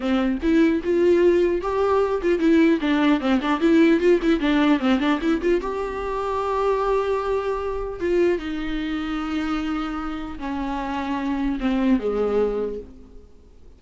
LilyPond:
\new Staff \with { instrumentName = "viola" } { \time 4/4 \tempo 4 = 150 c'4 e'4 f'2 | g'4. f'8 e'4 d'4 | c'8 d'8 e'4 f'8 e'8 d'4 | c'8 d'8 e'8 f'8 g'2~ |
g'1 | f'4 dis'2.~ | dis'2 cis'2~ | cis'4 c'4 gis2 | }